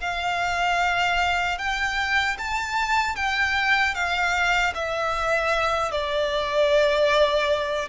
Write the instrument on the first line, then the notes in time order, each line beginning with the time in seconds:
violin
0.00 F5
1.58 G5
2.38 A5
3.15 G5
3.94 F5
4.74 E5
5.91 D5